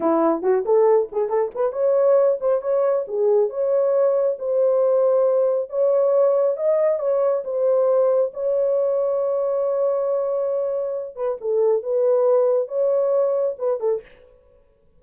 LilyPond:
\new Staff \with { instrumentName = "horn" } { \time 4/4 \tempo 4 = 137 e'4 fis'8 a'4 gis'8 a'8 b'8 | cis''4. c''8 cis''4 gis'4 | cis''2 c''2~ | c''4 cis''2 dis''4 |
cis''4 c''2 cis''4~ | cis''1~ | cis''4. b'8 a'4 b'4~ | b'4 cis''2 b'8 a'8 | }